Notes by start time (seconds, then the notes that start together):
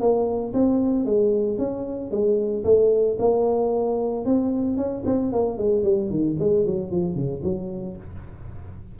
0.00 A#3
0.54 C4
1.05 G#3
1.58 C#4
2.11 G#3
2.64 A3
3.19 A#3
4.26 C4
4.77 C#4
5.05 C4
5.32 A#3
5.58 G#3
5.84 G3
6.10 D#3
6.39 G#3
6.66 F#3
6.91 F3
7.15 C#3
7.43 F#3